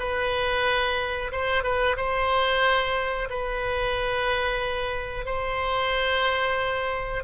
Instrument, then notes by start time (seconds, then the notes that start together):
oboe
0.00 B4
1.32 C5
1.64 B4
1.97 C5
3.30 B4
5.26 C5